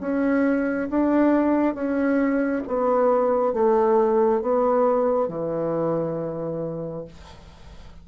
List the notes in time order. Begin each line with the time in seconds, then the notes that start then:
0.00 C#4
0.89 D4
1.74 C#4
2.67 B3
3.53 A3
4.41 B3
5.28 E3